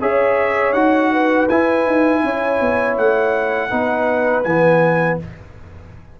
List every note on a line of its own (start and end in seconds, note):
0.00 0.73 C#4
0.00 0.75 G#4
0.00 1.11 C#5
0.00 0.73 E5
0.73 1.47 D#4
0.73 1.49 F#4
0.73 1.47 F#5
1.12 2.23 B4
1.48 1.86 E4
1.48 3.70 E4
1.48 2.97 G#5
1.86 2.23 D#4
2.23 2.60 C#4
2.23 3.70 C#5
2.60 2.98 B3
2.97 3.72 A3
2.97 4.43 F#5
3.70 4.45 B3
3.70 4.44 D#4
3.70 5.18 B4
4.43 5.19 E3
4.43 5.19 B3
4.43 5.17 G#5